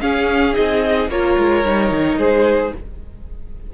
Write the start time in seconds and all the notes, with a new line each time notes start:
0.00 C#4 G#4 F5
0.53 C4 D#4 D#5
1.08 A#3 F4 A#4 C#5
1.38 G#3
1.64 G3 D#4
1.91 D#3
2.16 G#3 G#4 C5